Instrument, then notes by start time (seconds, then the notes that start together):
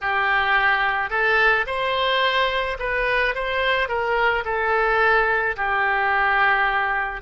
oboe
0.01 G4
1.10 A4
1.66 C5
2.79 B4
3.34 C5
3.88 A#4
4.44 A4
5.56 G4